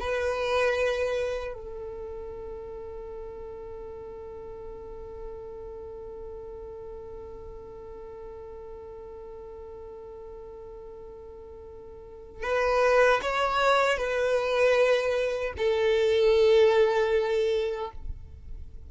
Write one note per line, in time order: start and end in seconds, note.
0.00 1.54 B4
1.54 12.43 A4
12.43 13.21 B4
13.23 13.98 C#5
13.98 15.54 B4
15.58 17.91 A4